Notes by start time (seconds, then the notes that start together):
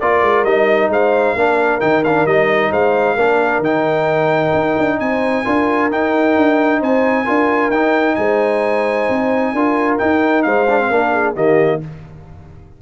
0.00 A#3 F4 A#4 D5
0.22 G#3
0.44 G3 D#4 D#5
0.89 G#3 C5 F5
1.35 A#3 D4 A#4
1.80 D#3 D#4 G5
2.04 D4 F5
2.25 G3 D#4 D#5
2.71 G#3 C5 F5
3.14 A#3 D4 A#4
3.59 D#3 D#4 G5
4.54 D#4
4.78 D4
4.99 C4 C5 G#5
5.44 D4 F4 A#4
5.91 D#4 G5
6.36 D4
6.79 C4 C5 G#5
7.24 D4 F4 A#4
7.70 D#4 G5
8.15 G#3 C5 G#5
9.09 C4
9.53 D4 F4 A#4
9.98 D#4 G5
10.43 G#3 C5 F5
10.69 D4
10.80 C4
10.89 A#3 D4 A#4
11.12 G#4
11.34 D#3 A#3 G4 D#5